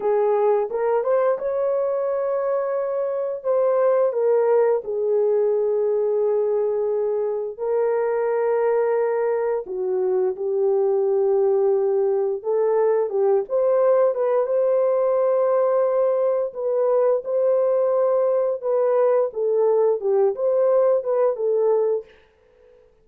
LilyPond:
\new Staff \with { instrumentName = "horn" } { \time 4/4 \tempo 4 = 87 gis'4 ais'8 c''8 cis''2~ | cis''4 c''4 ais'4 gis'4~ | gis'2. ais'4~ | ais'2 fis'4 g'4~ |
g'2 a'4 g'8 c''8~ | c''8 b'8 c''2. | b'4 c''2 b'4 | a'4 g'8 c''4 b'8 a'4 | }